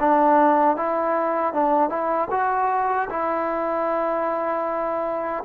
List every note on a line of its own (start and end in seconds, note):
0.00 0.77 D4
0.77 1.54 E4
1.54 1.89 D4
1.89 2.28 E4
2.31 3.09 F#4
3.10 5.44 E4